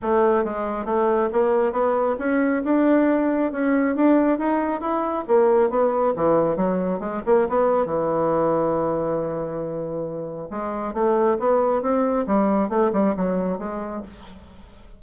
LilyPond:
\new Staff \with { instrumentName = "bassoon" } { \time 4/4 \tempo 4 = 137 a4 gis4 a4 ais4 | b4 cis'4 d'2 | cis'4 d'4 dis'4 e'4 | ais4 b4 e4 fis4 |
gis8 ais8 b4 e2~ | e1 | gis4 a4 b4 c'4 | g4 a8 g8 fis4 gis4 | }